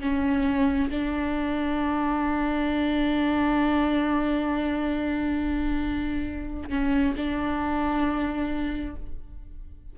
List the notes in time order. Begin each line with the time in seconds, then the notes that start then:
0.00 C#4
0.90 D4
6.70 C#4
7.16 D4